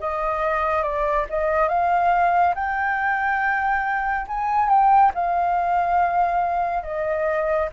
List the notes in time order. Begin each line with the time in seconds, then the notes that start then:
0.00 D#5
0.83 D5
1.29 D#5
1.68 F5
2.55 G5
4.27 G#5
4.69 G5
5.14 F5
6.83 D#5